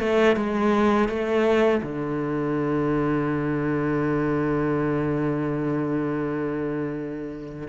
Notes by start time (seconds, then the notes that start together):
0.00 A3
0.37 G#3
1.09 A3
1.83 D3